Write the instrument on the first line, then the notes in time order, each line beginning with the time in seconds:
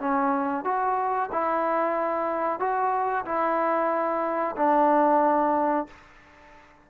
trombone
0.00 C#4
0.65 F#4
1.32 E4
2.60 F#4
3.25 E4
4.57 D4